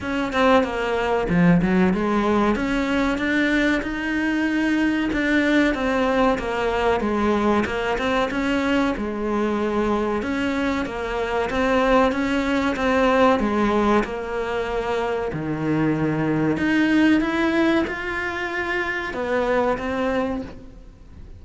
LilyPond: \new Staff \with { instrumentName = "cello" } { \time 4/4 \tempo 4 = 94 cis'8 c'8 ais4 f8 fis8 gis4 | cis'4 d'4 dis'2 | d'4 c'4 ais4 gis4 | ais8 c'8 cis'4 gis2 |
cis'4 ais4 c'4 cis'4 | c'4 gis4 ais2 | dis2 dis'4 e'4 | f'2 b4 c'4 | }